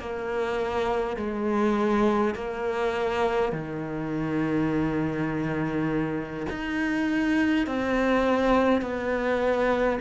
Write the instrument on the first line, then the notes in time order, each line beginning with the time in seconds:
cello
0.00 A#3
1.17 G#3
2.35 A#3
3.52 D#3
6.50 D#4
7.67 C4
8.82 B3